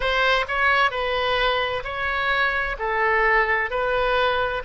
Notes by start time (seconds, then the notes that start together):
0.00 C5
0.48 C#5
0.91 B4
1.84 C#5
2.78 A4
3.70 B4